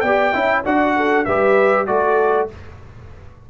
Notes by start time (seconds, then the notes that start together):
0.00 B3 G4 D5 G5
0.33 C#4 E4 E5
0.64 D4 F#4 D5 F#5
0.96 A4
1.25 G3 G4 B4 E5
1.86 A3 F#4 A4 D5